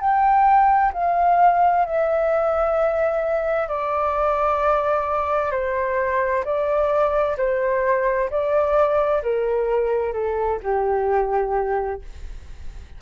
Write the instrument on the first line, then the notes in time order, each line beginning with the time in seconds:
flute
0.00 G5
0.93 F5
1.85 E5
3.68 D5
5.51 C5
6.44 D5
7.38 C5
8.30 D5
9.22 A#4
10.13 A4
10.63 G4